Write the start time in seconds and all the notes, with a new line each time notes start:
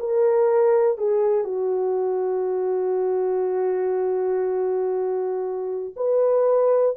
0.00 A#4
0.98 G#4
1.45 F#4
5.96 B4